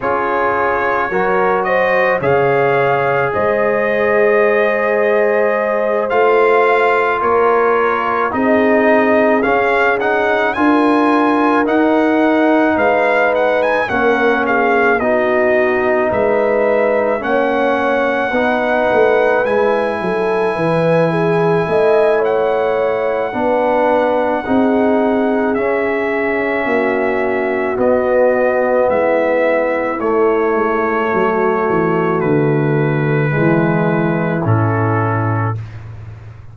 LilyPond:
<<
  \new Staff \with { instrumentName = "trumpet" } { \time 4/4 \tempo 4 = 54 cis''4. dis''8 f''4 dis''4~ | dis''4. f''4 cis''4 dis''8~ | dis''8 f''8 fis''8 gis''4 fis''4 f''8 | fis''16 gis''16 fis''8 f''8 dis''4 e''4 fis''8~ |
fis''4. gis''2~ gis''8 | fis''2. e''4~ | e''4 dis''4 e''4 cis''4~ | cis''4 b'2 a'4 | }
  \new Staff \with { instrumentName = "horn" } { \time 4/4 gis'4 ais'8 c''8 cis''4 c''4~ | c''2~ c''8 ais'4 gis'8~ | gis'4. ais'2 b'8~ | b'8 ais'8 gis'8 fis'4 b'4 cis''8~ |
cis''8 b'4. a'8 b'8 gis'8 dis''8 | cis''4 b'4 gis'2 | fis'2 e'2 | fis'2 e'2 | }
  \new Staff \with { instrumentName = "trombone" } { \time 4/4 f'4 fis'4 gis'2~ | gis'4. f'2 dis'8~ | dis'8 cis'8 dis'8 f'4 dis'4.~ | dis'8 cis'4 dis'2 cis'8~ |
cis'8 dis'4 e'2~ e'8~ | e'4 d'4 dis'4 cis'4~ | cis'4 b2 a4~ | a2 gis4 cis'4 | }
  \new Staff \with { instrumentName = "tuba" } { \time 4/4 cis'4 fis4 cis4 gis4~ | gis4. a4 ais4 c'8~ | c'8 cis'4 d'4 dis'4 gis8~ | gis8 ais4 b4 gis4 ais8~ |
ais8 b8 a8 gis8 fis8 e4 a8~ | a4 b4 c'4 cis'4 | ais4 b4 gis4 a8 gis8 | fis8 e8 d4 e4 a,4 | }
>>